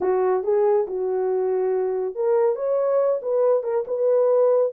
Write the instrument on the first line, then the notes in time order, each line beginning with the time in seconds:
horn
0.00 F#4
0.43 G#4
0.87 F#4
2.15 A#4
2.55 C#5
3.21 B4
3.63 A#4
3.87 B4